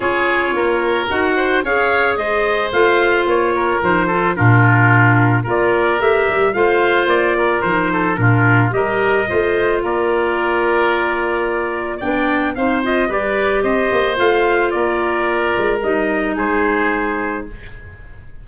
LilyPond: <<
  \new Staff \with { instrumentName = "trumpet" } { \time 4/4 \tempo 4 = 110 cis''2 fis''4 f''4 | dis''4 f''4 cis''4 c''4 | ais'2 d''4 e''4 | f''4 d''4 c''4 ais'4 |
dis''2 d''2~ | d''2 g''4 f''8 dis''8 | d''4 dis''4 f''4 d''4~ | d''4 dis''4 c''2 | }
  \new Staff \with { instrumentName = "oboe" } { \time 4/4 gis'4 ais'4. c''8 cis''4 | c''2~ c''8 ais'4 a'8 | f'2 ais'2 | c''4. ais'4 a'8 f'4 |
ais'4 c''4 ais'2~ | ais'2 d''4 c''4 | b'4 c''2 ais'4~ | ais'2 gis'2 | }
  \new Staff \with { instrumentName = "clarinet" } { \time 4/4 f'2 fis'4 gis'4~ | gis'4 f'2 dis'8 f'8 | d'2 f'4 g'4 | f'2 dis'4 d'4 |
g'4 f'2.~ | f'2 d'4 dis'8 f'8 | g'2 f'2~ | f'4 dis'2. | }
  \new Staff \with { instrumentName = "tuba" } { \time 4/4 cis'4 ais4 dis'4 cis'4 | gis4 a4 ais4 f4 | ais,2 ais4 a8 g8 | a4 ais4 f4 ais,4 |
g4 a4 ais2~ | ais2 b4 c'4 | g4 c'8 ais8 a4 ais4~ | ais8 gis8 g4 gis2 | }
>>